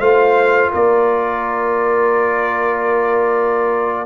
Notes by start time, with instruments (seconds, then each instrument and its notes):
0.00 tuba A3, trombone F4, horn C5, trumpet F5
0.71 tuba A#3, horn A#4, trumpet D5